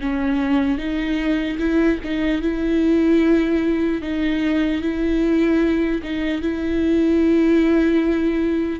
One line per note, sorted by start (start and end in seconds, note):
0.00 0.78 C#4
0.78 1.58 D#4
1.59 1.99 E4
2.04 2.41 D#4
2.41 4.01 E4
4.01 4.81 D#4
4.81 6.01 E4
6.03 6.41 D#4
6.41 8.80 E4